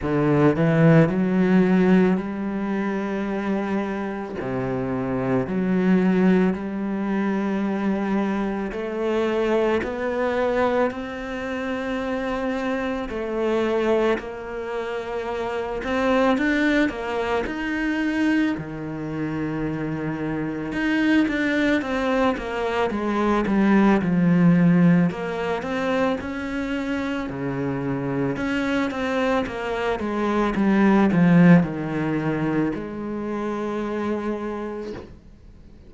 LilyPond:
\new Staff \with { instrumentName = "cello" } { \time 4/4 \tempo 4 = 55 d8 e8 fis4 g2 | c4 fis4 g2 | a4 b4 c'2 | a4 ais4. c'8 d'8 ais8 |
dis'4 dis2 dis'8 d'8 | c'8 ais8 gis8 g8 f4 ais8 c'8 | cis'4 cis4 cis'8 c'8 ais8 gis8 | g8 f8 dis4 gis2 | }